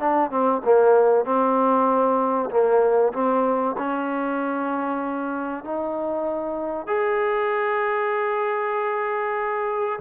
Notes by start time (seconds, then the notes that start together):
0.00 D4
0.31 C4
0.65 A#3
1.25 C4
2.50 A#3
3.13 C4
3.78 C#4
5.64 D#4
6.87 G#4